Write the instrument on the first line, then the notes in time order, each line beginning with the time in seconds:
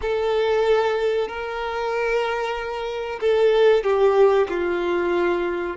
violin
0.01 A4
1.28 A#4
3.20 A4
3.83 G4
4.49 F4